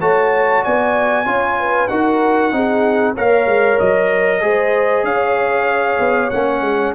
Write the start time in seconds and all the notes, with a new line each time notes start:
0.00 A3 F#4 C#5 A5
0.62 B3 D5 G#5
1.25 C#4 F4 C#5
1.59 B4
1.88 D#4 F#4 A#4 F#5
2.52 C4 D#4 G#4
3.14 A#3 A#4 C#5 F5
3.46 G#3
3.79 F#3 D#5
4.41 G#3 G#4 C5
5.03 C#4 C#5 F5
5.99 B3
6.30 A#3 C#4 F#5
6.61 G#3